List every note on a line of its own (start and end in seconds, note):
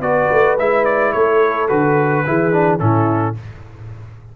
0.00 0.28 B3
0.00 0.58 F#4
0.00 1.14 B4
0.00 0.57 D5
0.31 0.58 A3
0.58 1.14 G#3
0.58 1.69 E4
0.58 0.85 E5
0.85 1.12 D5
1.12 1.70 A3
1.12 2.25 A4
1.12 1.68 C#5
1.68 2.26 D3
1.68 2.24 F#4
1.68 2.79 B4
2.26 2.80 E3
2.26 2.52 E4
2.26 2.80 G#4
2.52 2.79 D4
2.79 3.36 A2
2.79 3.34 C#4
2.79 3.35 E4
2.79 3.34 A4